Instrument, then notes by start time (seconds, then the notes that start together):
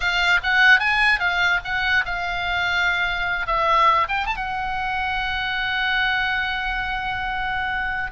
oboe
0.00 F5
0.43 F#5
0.79 G#5
1.19 F5
1.64 F#5
2.05 F5
3.46 E5
4.08 G5
4.26 A5
4.36 F#5